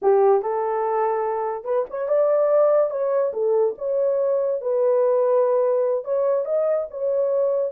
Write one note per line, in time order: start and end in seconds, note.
0.02 0.42 G4
0.42 1.64 A4
1.64 1.85 B4
1.90 2.08 C#5
2.08 2.90 D5
2.90 3.32 C#5
3.33 3.74 A4
3.77 4.61 C#5
4.61 6.04 B4
6.04 6.45 C#5
6.45 6.87 D#5
6.90 7.71 C#5